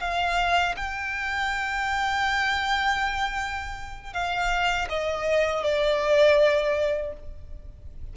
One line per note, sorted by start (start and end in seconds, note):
0.00 0.75 F5
0.77 4.13 G5
4.13 4.88 F5
4.89 5.63 D#5
5.63 7.13 D5